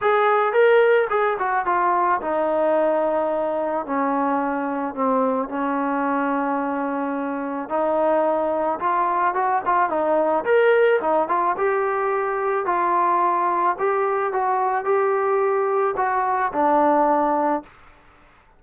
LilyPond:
\new Staff \with { instrumentName = "trombone" } { \time 4/4 \tempo 4 = 109 gis'4 ais'4 gis'8 fis'8 f'4 | dis'2. cis'4~ | cis'4 c'4 cis'2~ | cis'2 dis'2 |
f'4 fis'8 f'8 dis'4 ais'4 | dis'8 f'8 g'2 f'4~ | f'4 g'4 fis'4 g'4~ | g'4 fis'4 d'2 | }